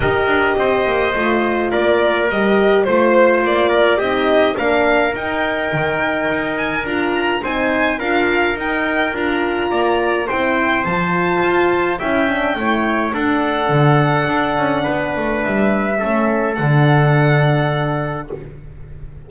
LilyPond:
<<
  \new Staff \with { instrumentName = "violin" } { \time 4/4 \tempo 4 = 105 dis''2. d''4 | dis''4 c''4 d''4 dis''4 | f''4 g''2~ g''8 gis''8 | ais''4 gis''4 f''4 g''4 |
ais''2 g''4 a''4~ | a''4 g''2 fis''4~ | fis''2. e''4~ | e''4 fis''2. | }
  \new Staff \with { instrumentName = "trumpet" } { \time 4/4 ais'4 c''2 ais'4~ | ais'4 c''4. ais'8 g'4 | ais'1~ | ais'4 c''4 ais'2~ |
ais'4 d''4 c''2~ | c''4 e''4 cis''4 a'4~ | a'2 b'2 | a'1 | }
  \new Staff \with { instrumentName = "horn" } { \time 4/4 g'2 f'2 | g'4 f'2 dis'4 | d'4 dis'2. | f'4 dis'4 f'4 dis'4 |
f'2 e'4 f'4~ | f'4 e'8 d'8 e'4 d'4~ | d'1 | cis'4 d'2. | }
  \new Staff \with { instrumentName = "double bass" } { \time 4/4 dis'8 d'8 c'8 ais8 a4 ais4 | g4 a4 ais4 c'4 | ais4 dis'4 dis4 dis'4 | d'4 c'4 d'4 dis'4 |
d'4 ais4 c'4 f4 | f'4 cis'4 a4 d'4 | d4 d'8 cis'8 b8 a8 g4 | a4 d2. | }
>>